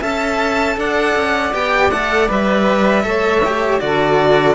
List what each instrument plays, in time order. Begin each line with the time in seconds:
0.00 cello C#4 A4, saxophone E5, violin A5
0.77 cello D4, saxophone D5, violin F#5
1.16 cello C#4
1.52 cello B3 G4, violin G5
1.91 cello A3 A4, violin F#5
2.29 cello G3 B4, violin E5
3.03 cello A3 A4, saxophone C#5
3.45 cello G4
3.80 cello D3 F#4, saxophone A4, violin D5